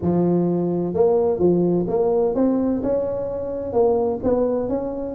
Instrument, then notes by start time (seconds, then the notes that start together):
tuba
0.02 F3
0.94 A#3
1.39 F3
1.88 A#3
2.35 C4
2.83 C#4
3.72 A#3
4.23 B3
4.68 C#4